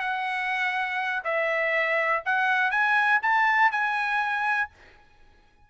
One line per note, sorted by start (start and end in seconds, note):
0.00 1.23 F#5
1.24 2.23 E5
2.25 2.71 F#5
2.71 3.20 G#5
3.22 3.71 A5
3.71 4.70 G#5